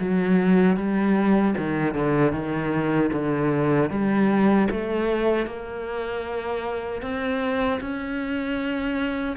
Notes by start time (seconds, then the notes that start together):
0.00 F#3
0.77 G3
1.58 D#3
1.94 D3
2.32 D#3
3.13 D3
3.90 G3
4.71 A3
5.46 A#3
7.02 C4
7.81 C#4